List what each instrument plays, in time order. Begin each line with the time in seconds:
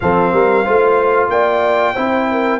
0.00 tuba F3, trombone C4, horn A4, trumpet F5
0.32 tuba G3, horn A#4
0.64 tuba A3, trombone F4, horn C5
1.28 tuba A#3, horn D5, trumpet G5
1.94 tuba C4, trombone E4, horn C5
2.31 horn A#4